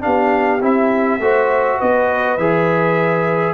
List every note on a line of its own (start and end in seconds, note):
0.00 0.61 B3
0.00 0.59 D4
0.00 1.21 G4
0.00 0.61 F5
0.61 1.19 C4
0.61 1.20 E4
0.61 1.80 E5
1.19 1.78 A3
1.19 2.38 F#4
1.19 1.78 C5
1.78 2.37 B3
1.78 3.54 B4
1.78 2.37 D#5
2.37 3.54 E3
2.37 3.54 G#4
2.37 3.54 E5